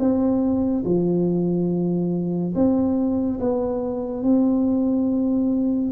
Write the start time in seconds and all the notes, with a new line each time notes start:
0.00 C4
0.85 F3
2.55 C4
3.40 B3
4.23 C4